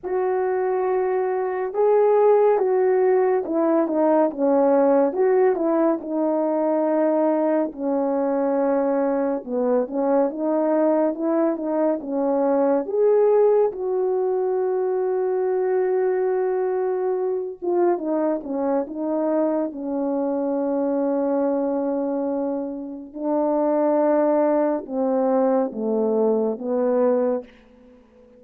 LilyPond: \new Staff \with { instrumentName = "horn" } { \time 4/4 \tempo 4 = 70 fis'2 gis'4 fis'4 | e'8 dis'8 cis'4 fis'8 e'8 dis'4~ | dis'4 cis'2 b8 cis'8 | dis'4 e'8 dis'8 cis'4 gis'4 |
fis'1~ | fis'8 f'8 dis'8 cis'8 dis'4 cis'4~ | cis'2. d'4~ | d'4 c'4 a4 b4 | }